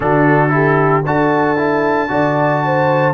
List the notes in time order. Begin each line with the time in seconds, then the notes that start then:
0.00 D3 D4 F#4 A4
0.49 E4 G4
1.05 D4 F#4 A4 A5
1.57 E4
2.08 D3 F#4 D5
2.64 C5